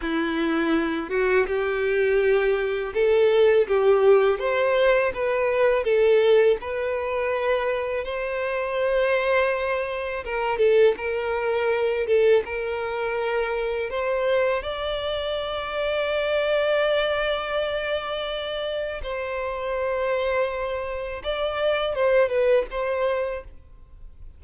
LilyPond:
\new Staff \with { instrumentName = "violin" } { \time 4/4 \tempo 4 = 82 e'4. fis'8 g'2 | a'4 g'4 c''4 b'4 | a'4 b'2 c''4~ | c''2 ais'8 a'8 ais'4~ |
ais'8 a'8 ais'2 c''4 | d''1~ | d''2 c''2~ | c''4 d''4 c''8 b'8 c''4 | }